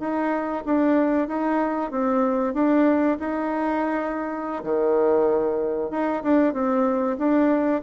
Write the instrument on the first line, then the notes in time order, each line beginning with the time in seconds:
bassoon
0.00 D#4
0.66 D4
1.28 D#4
1.91 C4
2.54 D4
3.20 D#4
4.64 D#3
5.91 D#4
6.23 D4
6.54 C4
7.18 D4